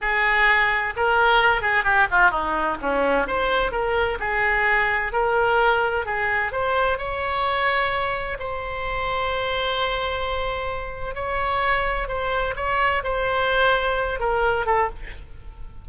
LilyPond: \new Staff \with { instrumentName = "oboe" } { \time 4/4 \tempo 4 = 129 gis'2 ais'4. gis'8 | g'8 f'8 dis'4 cis'4 c''4 | ais'4 gis'2 ais'4~ | ais'4 gis'4 c''4 cis''4~ |
cis''2 c''2~ | c''1 | cis''2 c''4 cis''4 | c''2~ c''8 ais'4 a'8 | }